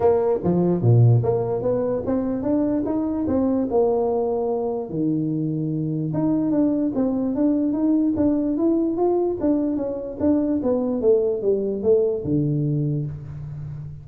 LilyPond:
\new Staff \with { instrumentName = "tuba" } { \time 4/4 \tempo 4 = 147 ais4 f4 ais,4 ais4 | b4 c'4 d'4 dis'4 | c'4 ais2. | dis2. dis'4 |
d'4 c'4 d'4 dis'4 | d'4 e'4 f'4 d'4 | cis'4 d'4 b4 a4 | g4 a4 d2 | }